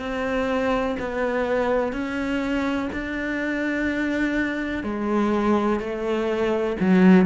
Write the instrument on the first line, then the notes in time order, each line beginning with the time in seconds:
cello
0.00 C4
1.00 B3
1.93 C#4
2.93 D4
4.84 G#3
5.80 A3
6.80 F#3